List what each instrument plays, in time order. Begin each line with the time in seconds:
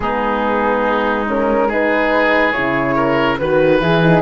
0.00 cello G#3, horn B3, oboe D#4, flute G#4
1.26 horn C#4, flute A#4
1.68 horn D#4, oboe G#4, flute B4
2.51 cello C#3, horn E4, flute C#5
2.96 oboe A#4
3.38 cello D#3, horn F#4, flute B4, oboe B4
3.80 cello E3, horn E4, flute G#4
4.01 horn D#4